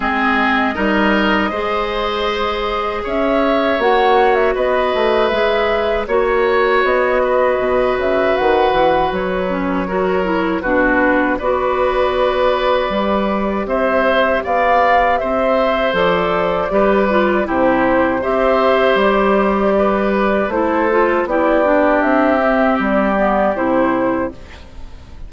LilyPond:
<<
  \new Staff \with { instrumentName = "flute" } { \time 4/4 \tempo 4 = 79 dis''1 | e''4 fis''8. e''16 dis''4 e''4 | cis''4 dis''4. e''8 fis''4 | cis''2 b'4 d''4~ |
d''2 e''4 f''4 | e''4 d''2 c''4 | e''4 d''2 c''4 | d''4 e''4 d''4 c''4 | }
  \new Staff \with { instrumentName = "oboe" } { \time 4/4 gis'4 ais'4 c''2 | cis''2 b'2 | cis''4. b'2~ b'8~ | b'4 ais'4 fis'4 b'4~ |
b'2 c''4 d''4 | c''2 b'4 g'4 | c''2 b'4 a'4 | g'1 | }
  \new Staff \with { instrumentName = "clarinet" } { \time 4/4 c'4 dis'4 gis'2~ | gis'4 fis'2 gis'4 | fis'1~ | fis'8 cis'8 fis'8 e'8 d'4 fis'4~ |
fis'4 g'2.~ | g'4 a'4 g'8 f'8 e'4 | g'2. e'8 f'8 | e'8 d'4 c'4 b8 e'4 | }
  \new Staff \with { instrumentName = "bassoon" } { \time 4/4 gis4 g4 gis2 | cis'4 ais4 b8 a8 gis4 | ais4 b4 b,8 cis8 dis8 e8 | fis2 b,4 b4~ |
b4 g4 c'4 b4 | c'4 f4 g4 c4 | c'4 g2 a4 | b4 c'4 g4 c4 | }
>>